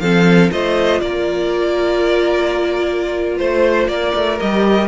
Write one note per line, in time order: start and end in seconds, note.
0.00 0.51 F3
0.00 0.52 C4
0.00 0.52 A4
0.00 0.50 F5
0.52 1.02 A3
0.52 4.39 F4
0.52 1.02 C5
0.52 1.01 D#5
1.01 3.40 A#3
1.01 3.37 A#4
1.01 3.38 D5
3.37 3.88 A3
3.37 3.87 C5
3.37 3.89 C5
3.88 4.13 A#3
3.88 4.88 A#4
3.88 4.39 D5
4.15 4.40 A3
4.40 4.88 G3
4.40 4.88 G4
4.40 4.88 D#5